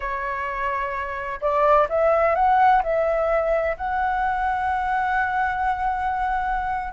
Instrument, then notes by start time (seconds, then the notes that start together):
flute
0.00 C#5
1.41 D5
1.89 E5
2.35 F#5
2.83 E5
3.77 F#5